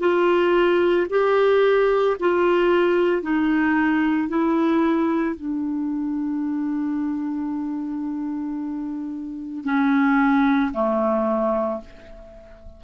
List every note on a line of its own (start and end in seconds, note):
0.00 1.07 F4
1.10 2.17 G4
2.20 3.22 F4
3.22 4.29 D#4
4.29 5.36 E4
5.36 9.65 D4
9.65 10.72 C#4
10.73 11.81 A3